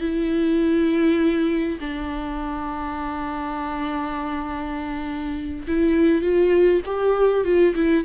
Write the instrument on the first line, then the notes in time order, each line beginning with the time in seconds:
viola
0.00 E4
1.80 D4
5.67 E4
6.21 F4
6.85 G4
7.44 F4
7.75 E4